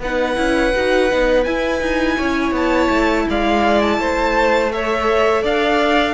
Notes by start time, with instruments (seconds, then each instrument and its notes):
0.00 cello B3, viola D#4, violin B4 F#5
0.36 cello C#4, viola E4
0.75 cello D#4, viola F#4
1.10 cello B3, viola D#4
1.44 viola E4, cello E4, violin G#5
1.81 cello D#4
2.17 cello C#4, violin C#5
2.52 cello B3, violin A5
2.90 cello A3
3.29 cello G#3, violin D5 F5
3.82 violin A5
3.98 cello A3, violin C5
4.72 viola A4, violin C#5 E5
5.43 cello D4, violin D5 F5